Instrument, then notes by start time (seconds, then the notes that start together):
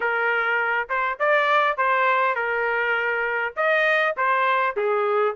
trumpet
0.00 A#4
0.89 C5
1.19 D5
1.77 C5
2.35 A#4
3.56 D#5
4.16 C5
4.76 G#4